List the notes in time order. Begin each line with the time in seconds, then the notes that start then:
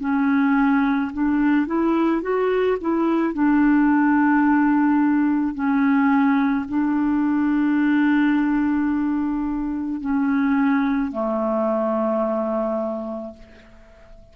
0.00 C#4
1.13 D4
1.67 E4
2.22 F#4
2.81 E4
3.34 D4
5.55 C#4
6.68 D4
10.01 C#4
11.12 A3